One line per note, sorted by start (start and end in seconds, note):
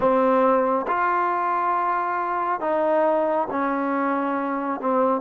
0.00 0.86 C4
0.87 2.60 F4
2.60 3.47 D#4
3.50 4.80 C#4
4.80 5.21 C4